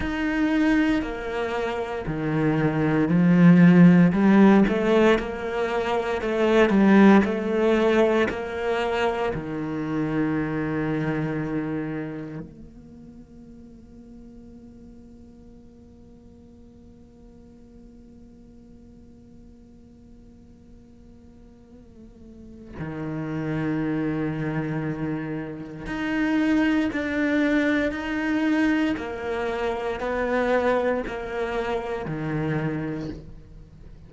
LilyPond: \new Staff \with { instrumentName = "cello" } { \time 4/4 \tempo 4 = 58 dis'4 ais4 dis4 f4 | g8 a8 ais4 a8 g8 a4 | ais4 dis2. | ais1~ |
ais1~ | ais2 dis2~ | dis4 dis'4 d'4 dis'4 | ais4 b4 ais4 dis4 | }